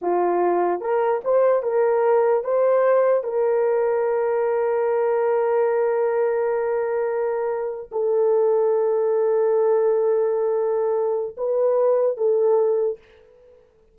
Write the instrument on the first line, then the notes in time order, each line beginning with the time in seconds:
horn
0.01 F4
0.80 A#4
1.24 C5
1.63 A#4
2.43 C5
3.23 A#4
7.91 A4
11.37 B4
12.17 A4